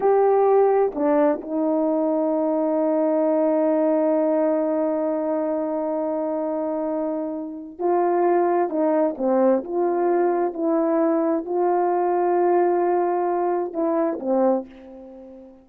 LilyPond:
\new Staff \with { instrumentName = "horn" } { \time 4/4 \tempo 4 = 131 g'2 d'4 dis'4~ | dis'1~ | dis'1~ | dis'1~ |
dis'4 f'2 dis'4 | c'4 f'2 e'4~ | e'4 f'2.~ | f'2 e'4 c'4 | }